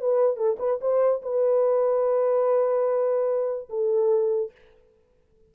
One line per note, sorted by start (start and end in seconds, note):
0.00 0.36 B4
0.36 0.57 A4
0.59 0.80 B4
0.81 1.22 C5
1.22 3.69 B4
3.69 4.51 A4